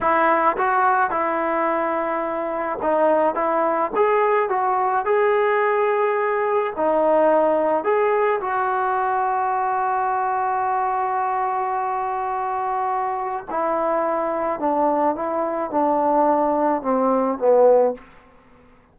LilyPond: \new Staff \with { instrumentName = "trombone" } { \time 4/4 \tempo 4 = 107 e'4 fis'4 e'2~ | e'4 dis'4 e'4 gis'4 | fis'4 gis'2. | dis'2 gis'4 fis'4~ |
fis'1~ | fis'1 | e'2 d'4 e'4 | d'2 c'4 b4 | }